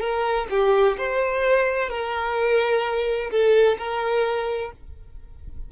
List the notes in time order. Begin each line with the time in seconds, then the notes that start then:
0.00 A#4
0.50 G4
0.98 C5
1.90 A#4
3.31 A4
3.78 A#4